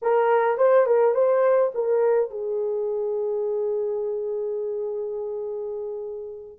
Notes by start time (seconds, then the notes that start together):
0.02 A#4
0.57 C5
0.86 A#4
1.14 C5
1.74 A#4
2.30 G#4